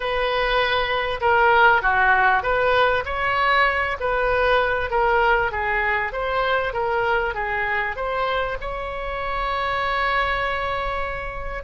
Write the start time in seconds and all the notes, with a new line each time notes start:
0.00 B4
1.21 A#4
1.82 F#4
2.42 B4
3.05 C#5
4.00 B4
4.90 A#4
5.51 G#4
6.12 C5
6.73 A#4
7.34 G#4
7.95 C5
8.60 C#5